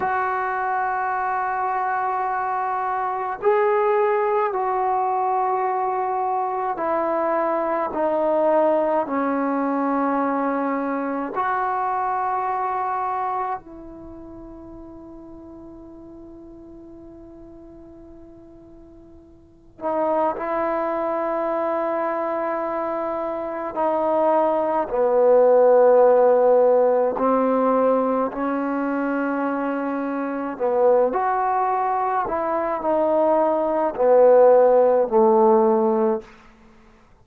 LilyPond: \new Staff \with { instrumentName = "trombone" } { \time 4/4 \tempo 4 = 53 fis'2. gis'4 | fis'2 e'4 dis'4 | cis'2 fis'2 | e'1~ |
e'4. dis'8 e'2~ | e'4 dis'4 b2 | c'4 cis'2 b8 fis'8~ | fis'8 e'8 dis'4 b4 a4 | }